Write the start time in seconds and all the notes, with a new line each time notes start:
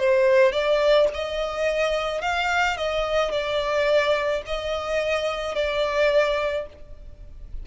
0.00 C5
0.53 D5
1.14 D#5
2.22 F5
2.77 D#5
3.31 D5
4.46 D#5
5.56 D5